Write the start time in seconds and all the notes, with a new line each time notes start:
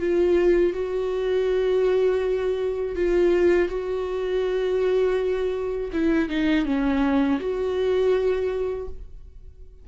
0.00 F4
0.74 F#4
2.96 F4
3.69 F#4
5.93 E4
6.30 D#4
6.65 C#4
7.40 F#4